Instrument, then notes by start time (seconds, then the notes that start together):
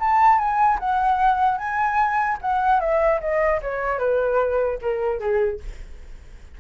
flute
0.00 A5
0.38 G#5
0.79 F#5
1.58 G#5
2.41 F#5
2.81 E5
3.21 D#5
3.62 C#5
3.99 B4
4.81 A#4
5.20 G#4